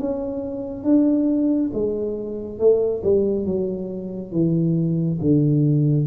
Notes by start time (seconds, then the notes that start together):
0.00 C#4
0.84 D4
1.74 G#3
2.60 A3
3.04 G3
3.46 F#3
4.32 E3
5.22 D3